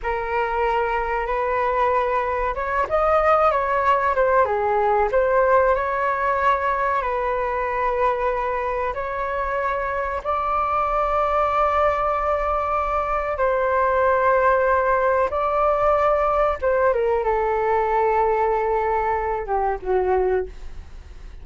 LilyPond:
\new Staff \with { instrumentName = "flute" } { \time 4/4 \tempo 4 = 94 ais'2 b'2 | cis''8 dis''4 cis''4 c''8 gis'4 | c''4 cis''2 b'4~ | b'2 cis''2 |
d''1~ | d''4 c''2. | d''2 c''8 ais'8 a'4~ | a'2~ a'8 g'8 fis'4 | }